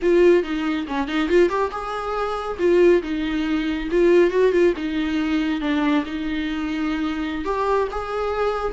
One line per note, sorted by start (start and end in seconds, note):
0.02 0.43 F4
0.43 0.86 D#4
0.87 1.07 C#4
1.07 1.28 D#4
1.28 1.49 F4
1.49 1.71 G4
1.71 2.57 G#4
2.59 3.02 F4
3.02 3.88 D#4
3.91 4.30 F4
4.30 4.51 F#4
4.52 4.73 F4
4.76 5.60 D#4
5.60 6.04 D4
6.05 7.45 D#4
7.45 7.88 G4
7.91 8.73 G#4